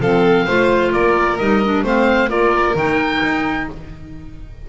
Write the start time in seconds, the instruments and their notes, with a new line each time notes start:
0.00 double bass F3, clarinet C4, violin A4, oboe F5
0.45 double bass A3, clarinet F4, violin C5
0.92 double bass A#3, violin A#4, oboe D5
1.38 double bass G3, clarinet D#4, oboe D#5
1.64 clarinet D4
1.83 double bass A3, clarinet C4, violin C5, oboe F5
2.29 double bass A#3, clarinet F4, violin A#4, oboe D5
2.75 double bass D#3, clarinet D#4, oboe G5
3.23 double bass D#4